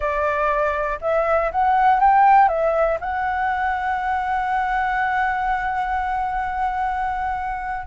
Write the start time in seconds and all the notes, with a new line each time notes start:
0.00 D5
1.01 E5
1.51 F#5
2.00 G5
2.48 E5
3.00 F#5